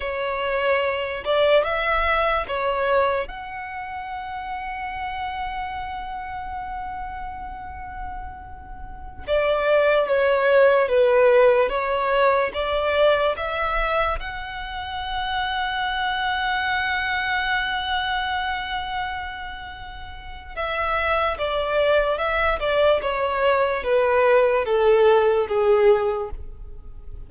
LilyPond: \new Staff \with { instrumentName = "violin" } { \time 4/4 \tempo 4 = 73 cis''4. d''8 e''4 cis''4 | fis''1~ | fis''2.~ fis''16 d''8.~ | d''16 cis''4 b'4 cis''4 d''8.~ |
d''16 e''4 fis''2~ fis''8.~ | fis''1~ | fis''4 e''4 d''4 e''8 d''8 | cis''4 b'4 a'4 gis'4 | }